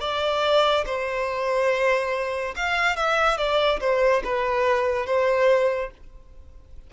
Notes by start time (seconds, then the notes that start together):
0.00 D5
0.86 C5
2.56 F5
2.96 E5
3.38 D5
3.80 C5
4.24 B4
5.06 C5